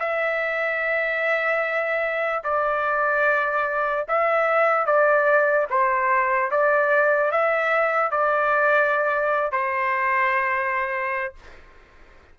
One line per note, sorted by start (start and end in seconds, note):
0.00 2.43 E5
2.44 4.07 D5
4.08 4.86 E5
4.86 5.68 D5
5.71 6.51 C5
6.51 7.32 D5
7.32 8.12 E5
8.12 9.52 D5
9.52 11.34 C5